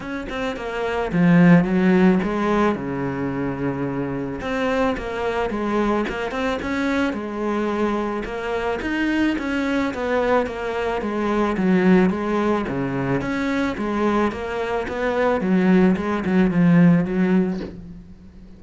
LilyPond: \new Staff \with { instrumentName = "cello" } { \time 4/4 \tempo 4 = 109 cis'8 c'8 ais4 f4 fis4 | gis4 cis2. | c'4 ais4 gis4 ais8 c'8 | cis'4 gis2 ais4 |
dis'4 cis'4 b4 ais4 | gis4 fis4 gis4 cis4 | cis'4 gis4 ais4 b4 | fis4 gis8 fis8 f4 fis4 | }